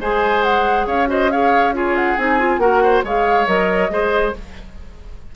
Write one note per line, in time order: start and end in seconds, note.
0.00 0.86 G#3
0.00 1.07 G#4
0.00 0.87 C5
0.00 0.43 G#5
0.43 0.86 F#5
0.86 2.16 C#4
0.86 1.09 C#5
0.86 1.09 F5
1.07 1.29 F#4
1.07 1.31 C5
1.07 1.31 D#5
1.31 1.73 G#4
1.31 1.75 C#5
1.31 1.75 F5
1.73 2.17 F4
1.73 2.61 G#4
1.73 1.96 C#5
1.96 2.18 F#5
2.18 2.58 C4
2.18 2.39 D#4
2.18 2.59 G#5
2.39 2.61 F4
2.58 3.02 A#3
2.58 3.04 F#4
2.58 2.83 A#4
2.58 3.03 F#5
2.83 3.05 C5
3.04 3.47 G#3
3.04 3.47 G#4
3.04 3.91 C#5
3.04 3.47 F5
3.47 3.89 F#3
3.47 3.90 A#4
3.47 4.34 D#5
3.89 4.33 G#3
3.89 4.33 G#4
3.89 4.36 C5